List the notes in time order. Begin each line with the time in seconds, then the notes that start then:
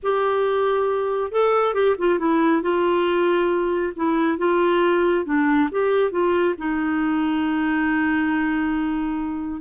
0.02 G4
1.31 A4
1.73 G4
1.98 F4
2.18 E4
2.62 F4
3.96 E4
4.38 F4
5.25 D4
5.71 G4
6.11 F4
6.58 D#4